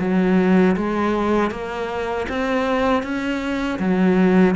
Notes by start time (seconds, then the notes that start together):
0.00 F#3
0.76 G#3
1.51 A#3
2.29 C4
3.03 C#4
3.79 F#3